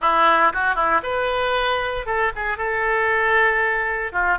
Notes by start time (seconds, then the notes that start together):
0.01 E4
0.53 F#4
0.75 E4
1.03 B4
2.06 A4
2.35 G#4
2.57 A4
4.12 F4